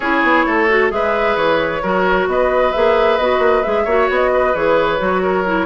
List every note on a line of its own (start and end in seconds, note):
0.00 0.22 C#4
0.00 0.69 E4
0.00 0.46 G#4
0.00 0.91 C#5
0.22 0.45 B3
0.46 0.90 A3
0.46 0.91 A4
0.69 0.90 F#4
0.90 1.36 G#3
0.90 1.81 G#4
0.90 1.82 B4
0.90 1.36 E5
1.36 1.81 E3
1.36 2.27 C#5
1.82 2.27 F#3
1.82 2.73 F#4
1.82 2.28 A#4
2.27 2.72 B3
2.27 3.84 B4
2.27 2.72 D#5
2.72 3.18 A#3
2.72 3.19 G#4
2.72 3.17 E5
3.18 3.38 B3
3.18 3.64 F#4
3.18 3.63 D#5
3.38 3.61 A#3
3.63 3.85 G#3
3.63 3.86 G#4
3.63 4.08 E5
3.84 4.08 A#3
3.84 4.54 F#4
3.84 4.30 C#5
4.09 4.54 B3
4.09 4.54 D#5
4.33 5.22 B4
4.54 4.99 E3
4.54 4.98 G#4
4.54 5.66 C#5
4.98 5.66 F#3
4.98 5.44 F#4
5.22 5.66 A#4
5.45 5.66 E4